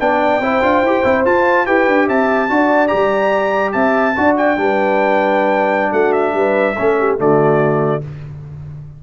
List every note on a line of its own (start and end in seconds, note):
0.00 0.41 B3
0.00 0.42 D4
0.00 0.42 D5
0.00 1.25 G5
0.41 0.61 C4
0.41 0.63 E4
0.41 1.67 C5
0.63 0.82 D4
0.63 0.84 F4
0.82 1.03 E4
0.82 1.04 G4
1.04 1.26 C4
1.04 1.25 E4
1.25 1.67 F4
1.25 1.68 F4
1.25 1.67 A5
1.67 1.88 E4
1.67 2.50 G4
1.67 2.07 B4
1.67 2.08 G5
1.88 2.09 D4
2.07 2.50 C4
2.07 2.49 E5
2.07 2.88 A5
2.50 2.92 D4
2.50 2.88 F#4
2.50 3.75 D5
2.88 3.75 G3
2.88 4.13 G4
2.88 3.72 A#5
3.72 4.17 C4
3.72 4.16 E5
3.72 4.35 A5
4.17 4.57 D4
4.17 4.58 F#4
4.17 4.60 D5
4.37 5.93 G5
4.57 5.93 G3
4.57 6.77 D4
4.57 5.92 B4
5.92 6.34 A3
5.92 6.34 F#4
5.92 6.13 F#5
6.13 7.17 E5
6.34 6.76 G3
6.34 6.76 B4
6.76 7.20 A3
6.76 7.19 C#4
6.76 6.97 A4
7.00 7.20 G4
7.19 8.03 D3
7.19 8.02 A3
7.19 8.04 F#4
7.19 8.04 D5